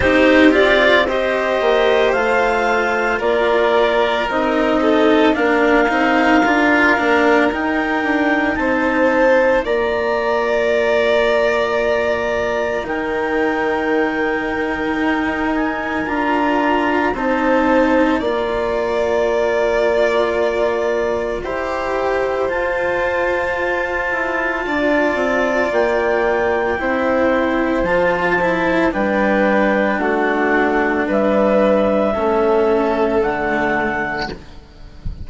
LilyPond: <<
  \new Staff \with { instrumentName = "clarinet" } { \time 4/4 \tempo 4 = 56 c''8 d''8 dis''4 f''4 d''4 | dis''4 f''2 g''4 | a''4 ais''2. | g''2~ g''8 gis''8 ais''4 |
a''4 ais''2.~ | ais''4 a''2. | g''2 a''4 g''4 | fis''4 e''2 fis''4 | }
  \new Staff \with { instrumentName = "violin" } { \time 4/4 g'4 c''2 ais'4~ | ais'8 a'8 ais'2. | c''4 d''2. | ais'1 |
c''4 d''2. | c''2. d''4~ | d''4 c''2 b'4 | fis'4 b'4 a'2 | }
  \new Staff \with { instrumentName = "cello" } { \time 4/4 dis'8 f'8 g'4 f'2 | dis'4 d'8 dis'8 f'8 d'8 dis'4~ | dis'4 f'2. | dis'2. f'4 |
dis'4 f'2. | g'4 f'2.~ | f'4 e'4 f'8 e'8 d'4~ | d'2 cis'4 a4 | }
  \new Staff \with { instrumentName = "bassoon" } { \time 4/4 c'4. ais8 a4 ais4 | c'4 ais8 c'8 d'8 ais8 dis'8 d'8 | c'4 ais2. | dis2 dis'4 d'4 |
c'4 ais2. | e'4 f'4. e'8 d'8 c'8 | ais4 c'4 f4 g4 | a4 g4 a4 d4 | }
>>